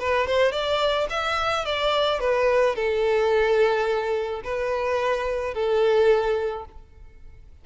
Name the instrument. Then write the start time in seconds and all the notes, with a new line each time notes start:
violin
0.00 B4
0.27 C5
0.52 D5
1.10 E5
1.66 D5
2.20 B4
2.76 A4
4.44 B4
5.55 A4